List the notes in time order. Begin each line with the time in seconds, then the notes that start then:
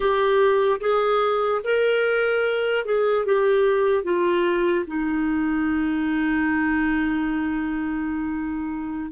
0.00 G4
0.80 G#4
1.64 A#4
2.85 G#4
3.25 G4
4.03 F4
4.86 D#4